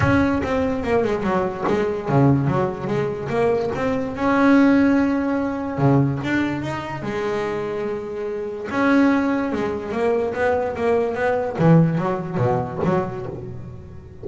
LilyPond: \new Staff \with { instrumentName = "double bass" } { \time 4/4 \tempo 4 = 145 cis'4 c'4 ais8 gis8 fis4 | gis4 cis4 fis4 gis4 | ais4 c'4 cis'2~ | cis'2 cis4 d'4 |
dis'4 gis2.~ | gis4 cis'2 gis4 | ais4 b4 ais4 b4 | e4 fis4 b,4 fis4 | }